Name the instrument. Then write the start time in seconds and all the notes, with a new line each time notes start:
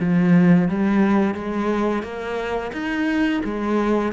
cello
0.00 F3
0.68 G3
1.34 G#3
2.03 A#3
2.72 D#4
3.45 G#3